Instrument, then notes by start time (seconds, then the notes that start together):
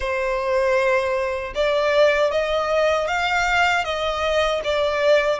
violin
0.00 C5
1.54 D5
2.31 D#5
3.07 F5
3.84 D#5
4.64 D5